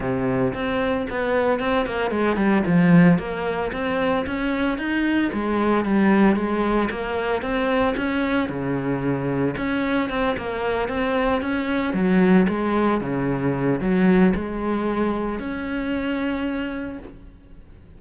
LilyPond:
\new Staff \with { instrumentName = "cello" } { \time 4/4 \tempo 4 = 113 c4 c'4 b4 c'8 ais8 | gis8 g8 f4 ais4 c'4 | cis'4 dis'4 gis4 g4 | gis4 ais4 c'4 cis'4 |
cis2 cis'4 c'8 ais8~ | ais8 c'4 cis'4 fis4 gis8~ | gis8 cis4. fis4 gis4~ | gis4 cis'2. | }